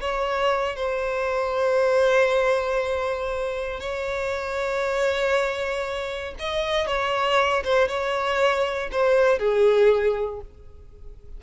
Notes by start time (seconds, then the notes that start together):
0.00 C#5
0.76 C5
3.80 C#5
6.39 D#5
6.86 C#5
7.64 C5
7.87 C#5
8.91 C5
9.39 G#4